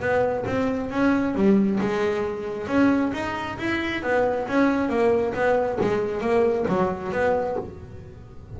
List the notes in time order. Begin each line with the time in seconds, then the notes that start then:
0.00 B3
0.46 C4
0.91 C#4
1.34 G3
1.80 G#3
2.67 C#4
3.13 D#4
3.58 E4
4.02 B3
4.47 C#4
4.89 A#3
5.34 B3
5.80 G#3
6.21 A#3
6.68 F#3
7.12 B3